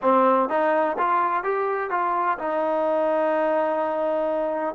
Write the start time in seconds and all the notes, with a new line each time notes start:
0.02 C4
0.49 D#4
0.97 F4
1.43 G4
1.90 F4
2.38 D#4